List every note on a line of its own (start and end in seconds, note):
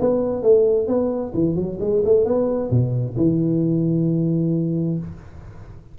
0.00 0.43 B3
0.43 0.87 A3
0.87 1.33 B3
1.34 1.55 E3
1.55 1.78 F#3
1.80 2.03 G#3
2.05 2.25 A3
2.25 2.70 B3
2.70 3.16 B2
3.17 4.98 E3